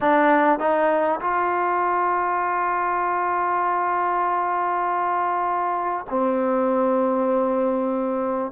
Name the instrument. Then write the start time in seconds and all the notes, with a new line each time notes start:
trombone
0.00 D4
0.59 D#4
1.20 F4
6.09 C4